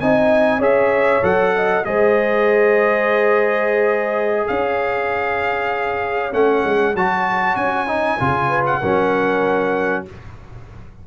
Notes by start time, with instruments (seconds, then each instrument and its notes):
0.00 tuba C4, trombone D#4, horn D#5, trumpet G#5
0.60 tuba C#4, trombone G#4, horn C#5, trumpet E5
1.22 tuba F#3, trombone A4, trumpet F#5
1.56 horn D#5
1.85 tuba G#3, trombone G#4, horn C5, trumpet D#5
4.47 tuba C#4, horn C#5, trumpet F5
6.33 tuba A3, trombone C#4, trumpet F#5
6.65 tuba G#3
6.95 tuba F#3, trombone F#4, trumpet A5
7.56 tuba C#4, trumpet G#5
7.87 trombone D#4
8.20 tuba C#3, trombone F4
8.48 horn B4
8.66 trumpet F#5
8.81 tuba F#3, trombone C#4, horn A#4